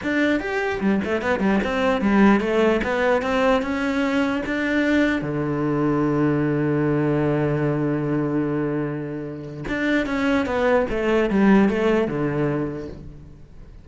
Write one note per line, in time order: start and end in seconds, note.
0.02 0.39 D4
0.39 0.80 G4
0.80 1.00 G3
1.04 1.21 A3
1.21 1.39 B3
1.39 1.59 G3
1.63 2.01 C4
2.01 2.40 G3
2.40 2.80 A3
2.83 3.22 B3
3.22 3.61 C4
3.61 4.42 C#4
4.46 5.21 D4
5.21 9.64 D3
9.68 10.06 D4
10.06 10.46 C#4
10.46 10.86 B3
10.89 11.30 A3
11.30 11.69 G3
11.69 12.07 A3
12.07 12.88 D3